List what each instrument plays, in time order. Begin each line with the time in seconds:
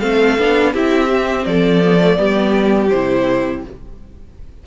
0.00 cello A3, viola C4, violin A4 F5
0.38 cello B3, viola D4
0.73 cello C4, viola E4, violin G4 E5
1.09 viola C4
1.45 cello F3, violin A4 D5
1.84 viola B3
1.99 viola A3
2.16 cello G3, viola B3, violin G4
2.90 cello C3, viola E4, violin C5